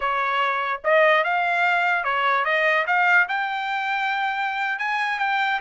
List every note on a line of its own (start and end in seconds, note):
0.00 0.81 C#5
0.84 1.24 D#5
1.24 2.04 F5
2.04 2.44 C#5
2.44 2.85 D#5
2.86 3.27 F5
3.28 4.78 G5
4.78 5.19 G#5
5.19 5.60 G5